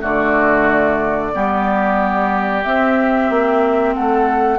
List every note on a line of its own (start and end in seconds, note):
0.00 1.34 D3
0.00 1.30 A3
0.00 1.31 F#4
0.00 2.63 D5
1.33 2.65 G3
1.33 2.63 B3
1.33 3.95 G4
2.63 4.58 C4
2.63 3.29 C4
2.63 3.93 E5
3.29 3.95 A#3
3.94 4.58 A3
3.94 4.58 A4
3.94 4.58 F#5